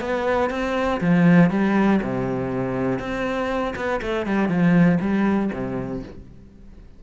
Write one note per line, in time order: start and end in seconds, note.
0.00 0.50 B3
0.50 1.00 C4
1.00 1.50 F3
1.50 2.00 G3
2.02 2.99 C3
2.99 3.74 C4
3.75 4.00 B3
4.02 4.26 A3
4.26 4.48 G3
4.48 4.98 F3
5.00 5.50 G3
5.53 6.03 C3